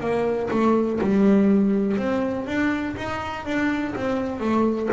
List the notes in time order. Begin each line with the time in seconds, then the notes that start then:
0.00 A#3
0.50 A3
1.01 G3
1.97 C4
2.46 D4
2.96 D#4
3.45 D4
3.95 C4
4.40 A3